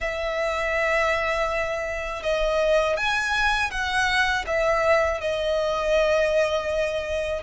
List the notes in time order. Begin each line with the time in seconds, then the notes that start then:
0.00 E5
2.23 D#5
2.96 G#5
3.70 F#5
4.46 E5
5.20 D#5